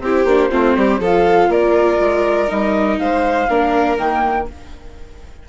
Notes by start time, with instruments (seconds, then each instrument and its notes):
0.00 bassoon C4, viola E4, violin G4, flute C5
0.24 bassoon A#3, viola D4
0.49 bassoon A3, viola C4, violin F4
0.76 bassoon G3, violin G4
0.99 bassoon F3, viola F4, violin A4, flute F5
1.48 bassoon A#3, violin A#4, flute D5
1.99 bassoon G#3
2.47 bassoon G3, viola D#4, flute D#5
2.98 bassoon G#3, violin C5, flute F5
3.48 bassoon A#3, viola D4, violin A#4
3.97 bassoon D#3, viola A#3, flute G5